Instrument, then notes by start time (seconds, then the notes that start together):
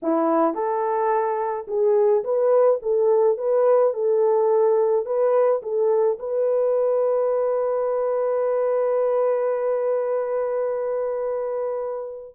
horn
0.02 E4
0.54 A4
1.67 G#4
2.24 B4
2.82 A4
3.37 B4
3.93 A4
5.05 B4
5.62 A4
6.19 B4